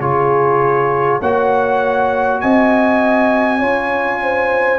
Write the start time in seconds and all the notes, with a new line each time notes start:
0.00 C#3 F4 G#4 C#5
1.20 A#3 F#4 C#5 F#5
2.41 C4 D#5 G#5
3.59 C#4 F4 C#5
4.22 C5